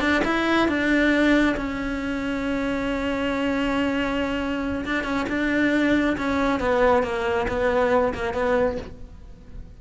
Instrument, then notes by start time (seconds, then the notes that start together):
cello
0.00 D4
0.24 E4
0.68 D4
1.56 C#4
4.85 D4
5.03 C#4
5.29 D4
6.17 C#4
6.60 B3
7.03 A#3
7.48 B3
8.14 A#3
8.33 B3